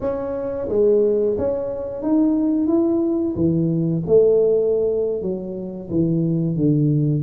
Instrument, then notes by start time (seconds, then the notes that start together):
tuba
0.01 C#4
0.69 G#3
1.38 C#4
2.02 D#4
2.67 E4
3.35 E3
4.06 A3
5.22 F#3
5.90 E3
6.56 D3